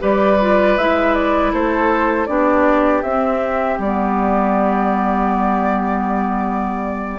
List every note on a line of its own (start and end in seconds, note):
0.00 0.78 G3
0.00 0.38 G4
0.00 1.53 B4
0.00 0.78 D5
0.41 0.79 F4
0.78 1.53 G#3
0.78 2.28 E4
0.78 1.15 E5
1.15 1.53 D5
1.53 2.29 A3
1.53 2.28 A4
1.53 2.26 C5
2.26 3.03 B3
2.26 3.03 D4
2.26 7.20 G4
2.26 3.02 D5
3.03 3.78 C4
3.03 3.83 C4
3.03 3.78 E5
3.78 7.20 G3
3.78 7.20 B3
3.78 7.20 D5